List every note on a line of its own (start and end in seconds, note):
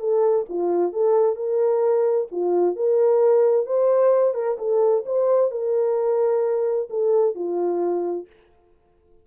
0.00 0.46 A4
0.49 0.93 F4
0.93 1.36 A4
1.36 2.28 A#4
2.31 2.76 F4
2.76 3.66 A#4
3.66 4.34 C5
4.34 4.57 A#4
4.58 5.04 A4
5.06 5.51 C5
5.51 6.88 A#4
6.90 7.35 A4
7.35 8.27 F4